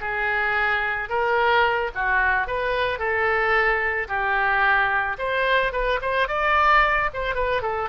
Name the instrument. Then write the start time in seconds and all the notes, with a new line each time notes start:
oboe
0.00 G#4
1.09 A#4
1.95 F#4
2.47 B4
2.98 A4
4.08 G4
5.18 C5
5.72 B4
6.01 C5
6.28 D5
7.13 C5
7.35 B4
7.62 A4